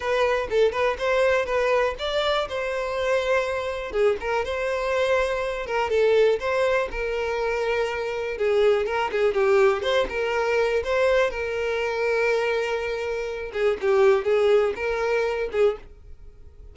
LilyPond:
\new Staff \with { instrumentName = "violin" } { \time 4/4 \tempo 4 = 122 b'4 a'8 b'8 c''4 b'4 | d''4 c''2. | gis'8 ais'8 c''2~ c''8 ais'8 | a'4 c''4 ais'2~ |
ais'4 gis'4 ais'8 gis'8 g'4 | c''8 ais'4. c''4 ais'4~ | ais'2.~ ais'8 gis'8 | g'4 gis'4 ais'4. gis'8 | }